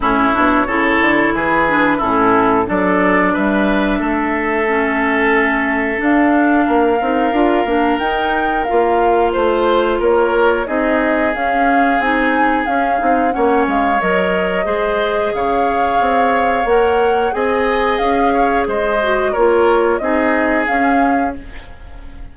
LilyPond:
<<
  \new Staff \with { instrumentName = "flute" } { \time 4/4 \tempo 4 = 90 cis''2 b'4 a'4 | d''4 e''2.~ | e''4 f''2. | g''4 f''4 c''4 cis''4 |
dis''4 f''4 gis''4 f''4 | fis''8 f''8 dis''2 f''4~ | f''4 fis''4 gis''4 f''4 | dis''4 cis''4 dis''4 f''4 | }
  \new Staff \with { instrumentName = "oboe" } { \time 4/4 e'4 a'4 gis'4 e'4 | a'4 b'4 a'2~ | a'2 ais'2~ | ais'2 c''4 ais'4 |
gis'1 | cis''2 c''4 cis''4~ | cis''2 dis''4. cis''8 | c''4 ais'4 gis'2 | }
  \new Staff \with { instrumentName = "clarinet" } { \time 4/4 cis'8 d'8 e'4. d'8 cis'4 | d'2. cis'4~ | cis'4 d'4. dis'8 f'8 d'8 | dis'4 f'2. |
dis'4 cis'4 dis'4 cis'8 dis'8 | cis'4 ais'4 gis'2~ | gis'4 ais'4 gis'2~ | gis'8 fis'8 f'4 dis'4 cis'4 | }
  \new Staff \with { instrumentName = "bassoon" } { \time 4/4 a,8 b,8 cis8 d8 e4 a,4 | fis4 g4 a2~ | a4 d'4 ais8 c'8 d'8 ais8 | dis'4 ais4 a4 ais4 |
c'4 cis'4 c'4 cis'8 c'8 | ais8 gis8 fis4 gis4 cis4 | c'4 ais4 c'4 cis'4 | gis4 ais4 c'4 cis'4 | }
>>